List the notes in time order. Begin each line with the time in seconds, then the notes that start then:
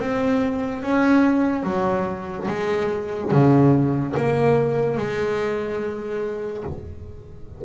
0.00 C4
0.83 C#4
1.64 F#3
2.48 G#3
3.32 C#3
4.17 A#3
4.97 G#3